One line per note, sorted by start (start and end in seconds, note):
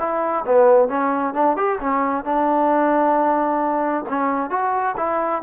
0.00 0.45 E4
0.46 0.89 B3
0.89 1.34 C#4
1.34 1.57 D4
1.57 1.79 G4
1.80 2.25 C#4
2.25 4.06 D4
4.09 4.51 C#4
4.51 4.96 F#4
4.97 5.43 E4